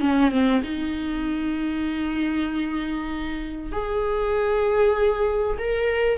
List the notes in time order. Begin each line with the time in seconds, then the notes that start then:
0.00 C#4
0.31 C4
0.63 D#4
3.72 G#4
5.58 A#4